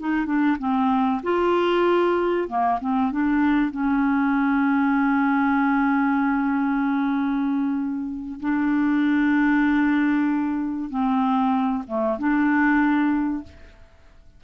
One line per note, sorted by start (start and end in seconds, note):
0.00 0.26 D#4
0.26 0.57 D4
0.59 1.22 C4
1.23 2.48 F4
2.49 2.80 A#3
2.81 3.12 C4
3.12 3.71 D4
3.71 8.40 C#4
8.41 10.90 D4
10.90 11.84 C4
11.87 12.18 A3
12.19 13.44 D4